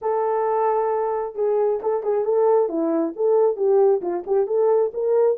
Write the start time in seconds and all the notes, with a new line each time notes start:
0.01 A4
1.35 G#4
1.82 A4
2.03 G#4
2.24 A4
2.69 E4
3.16 A4
3.56 G4
4.01 F4
4.26 G4
4.46 A4
4.93 A#4